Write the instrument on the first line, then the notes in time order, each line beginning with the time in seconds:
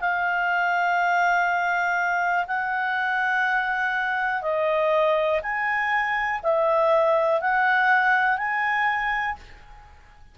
clarinet
0.00 F5
2.47 F#5
4.42 D#5
5.43 G#5
6.43 E5
7.41 F#5
8.38 G#5